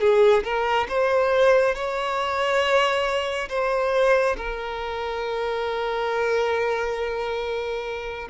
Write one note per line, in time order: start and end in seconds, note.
0.00 0.43 G#4
0.44 0.87 A#4
0.89 1.75 C5
1.75 3.49 C#5
3.49 4.36 C5
4.37 8.28 A#4